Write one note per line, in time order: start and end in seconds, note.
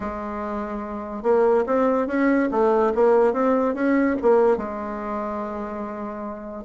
0.00 1.22 G#3
1.22 1.64 A#3
1.66 2.07 C4
2.07 2.49 C#4
2.51 2.92 A3
2.94 3.33 A#3
3.33 3.74 C4
3.74 4.16 C#4
4.21 4.57 A#3
4.57 6.64 G#3